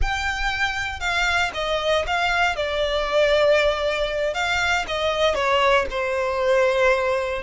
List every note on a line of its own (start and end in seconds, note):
0.01 1.00 G5
1.00 1.51 F5
1.54 2.05 D#5
2.07 2.55 F5
2.55 4.34 D5
4.34 4.85 F5
4.87 5.34 D#5
5.34 5.86 C#5
5.90 7.42 C5